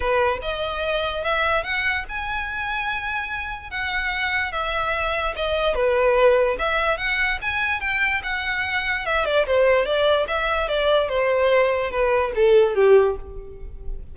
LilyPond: \new Staff \with { instrumentName = "violin" } { \time 4/4 \tempo 4 = 146 b'4 dis''2 e''4 | fis''4 gis''2.~ | gis''4 fis''2 e''4~ | e''4 dis''4 b'2 |
e''4 fis''4 gis''4 g''4 | fis''2 e''8 d''8 c''4 | d''4 e''4 d''4 c''4~ | c''4 b'4 a'4 g'4 | }